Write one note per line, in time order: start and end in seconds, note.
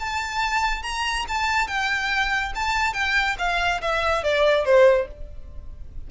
0.00 0.83 A5
0.83 1.26 A#5
1.28 1.68 A5
1.68 2.53 G5
2.55 2.94 A5
2.94 3.37 G5
3.39 3.82 F5
3.82 4.24 E5
4.24 4.65 D5
4.65 5.08 C5